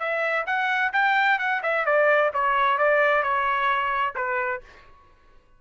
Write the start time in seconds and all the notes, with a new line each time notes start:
0.00 E5
0.47 F#5
0.93 G5
1.39 F#5
1.63 E5
1.86 D5
2.34 C#5
2.78 D5
3.23 C#5
4.16 B4